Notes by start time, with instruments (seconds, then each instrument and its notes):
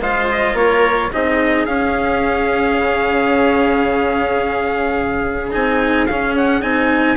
0.00 bassoon G#3, cello F4, viola C5, trumpet F5
0.31 trumpet D#5
0.53 bassoon A#3, viola A#4, trumpet C#5
1.12 bassoon C4, cello D#4, viola G#4, trumpet D#5
1.65 bassoon C#4, cello C#4, trumpet F5
2.78 bassoon C#3
5.51 bassoon C4, cello D#4, trumpet G#5
6.06 bassoon C#4, cello C#4, trumpet F5
6.37 trumpet F#5
6.61 bassoon C4, cello D#4, trumpet G#5